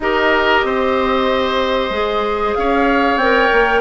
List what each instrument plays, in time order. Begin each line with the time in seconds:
0.00 bassoon D#4, clarinet G4, oboe A#4, flute D#5
0.63 bassoon C4, oboe C5
1.90 bassoon G#3, clarinet G#4
2.54 bassoon C#4, oboe C#5, flute F5
3.16 bassoon C4, clarinet A#4, flute G5
3.52 bassoon A#3